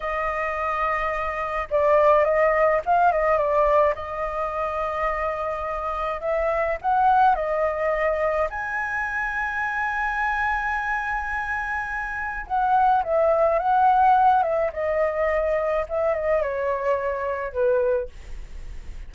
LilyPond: \new Staff \with { instrumentName = "flute" } { \time 4/4 \tempo 4 = 106 dis''2. d''4 | dis''4 f''8 dis''8 d''4 dis''4~ | dis''2. e''4 | fis''4 dis''2 gis''4~ |
gis''1~ | gis''2 fis''4 e''4 | fis''4. e''8 dis''2 | e''8 dis''8 cis''2 b'4 | }